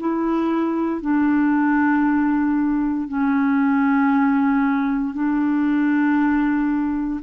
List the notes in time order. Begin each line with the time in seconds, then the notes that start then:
0.00 E4
1.02 D4
3.08 C#4
5.14 D4